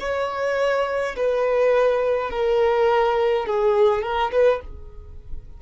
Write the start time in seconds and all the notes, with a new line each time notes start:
0.00 C#5
1.16 B4
2.30 A#4
3.46 G#4
4.02 A#4
4.32 B4